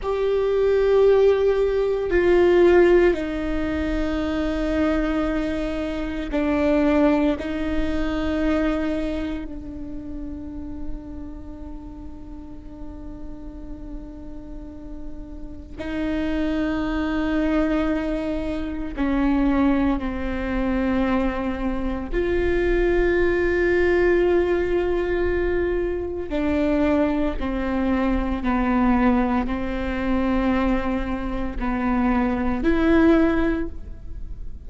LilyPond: \new Staff \with { instrumentName = "viola" } { \time 4/4 \tempo 4 = 57 g'2 f'4 dis'4~ | dis'2 d'4 dis'4~ | dis'4 d'2.~ | d'2. dis'4~ |
dis'2 cis'4 c'4~ | c'4 f'2.~ | f'4 d'4 c'4 b4 | c'2 b4 e'4 | }